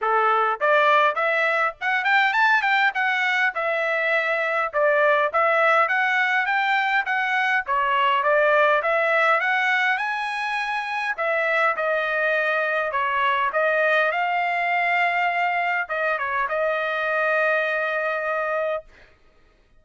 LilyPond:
\new Staff \with { instrumentName = "trumpet" } { \time 4/4 \tempo 4 = 102 a'4 d''4 e''4 fis''8 g''8 | a''8 g''8 fis''4 e''2 | d''4 e''4 fis''4 g''4 | fis''4 cis''4 d''4 e''4 |
fis''4 gis''2 e''4 | dis''2 cis''4 dis''4 | f''2. dis''8 cis''8 | dis''1 | }